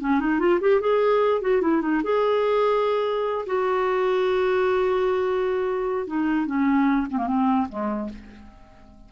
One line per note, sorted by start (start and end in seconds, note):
0.00 0.19 C#4
0.19 0.39 D#4
0.39 0.59 F4
0.60 0.80 G4
0.80 1.41 G#4
1.41 1.61 F#4
1.61 1.81 E4
1.81 2.01 D#4
2.03 3.45 G#4
3.46 6.06 F#4
6.06 6.46 D#4
6.46 7.06 C#4
7.10 7.17 C4
7.17 7.26 A#3
7.26 7.67 C4
7.68 8.09 G#3